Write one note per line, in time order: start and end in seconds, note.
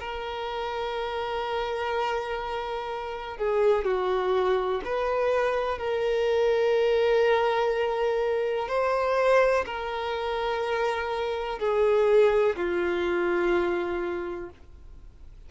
0.00 3.37 A#4
3.37 3.85 G#4
3.85 4.82 F#4
4.85 5.78 B4
5.78 8.68 A#4
8.68 9.65 C5
9.66 11.59 A#4
11.59 12.56 G#4
12.56 14.50 F4